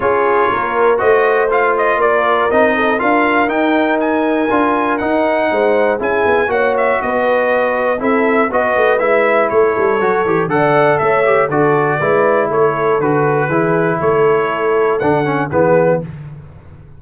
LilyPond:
<<
  \new Staff \with { instrumentName = "trumpet" } { \time 4/4 \tempo 4 = 120 cis''2 dis''4 f''8 dis''8 | d''4 dis''4 f''4 g''4 | gis''2 fis''2 | gis''4 fis''8 e''8 dis''2 |
e''4 dis''4 e''4 cis''4~ | cis''4 fis''4 e''4 d''4~ | d''4 cis''4 b'2 | cis''2 fis''4 b'4 | }
  \new Staff \with { instrumentName = "horn" } { \time 4/4 gis'4 ais'4 c''2 | ais'4. a'8 ais'2~ | ais'2. c''4 | gis'4 cis''4 b'2 |
a'4 b'2 a'4~ | a'4 d''4 cis''4 a'4 | b'4 a'2 gis'4 | a'2. gis'4 | }
  \new Staff \with { instrumentName = "trombone" } { \time 4/4 f'2 fis'4 f'4~ | f'4 dis'4 f'4 dis'4~ | dis'4 f'4 dis'2 | e'4 fis'2. |
e'4 fis'4 e'2 | fis'8 g'8 a'4. g'8 fis'4 | e'2 fis'4 e'4~ | e'2 d'8 cis'8 b4 | }
  \new Staff \with { instrumentName = "tuba" } { \time 4/4 cis'4 ais4 a2 | ais4 c'4 d'4 dis'4~ | dis'4 d'4 dis'4 gis4 | cis'8 b8 ais4 b2 |
c'4 b8 a8 gis4 a8 g8 | fis8 e8 d4 a4 d4 | gis4 a4 d4 e4 | a2 d4 e4 | }
>>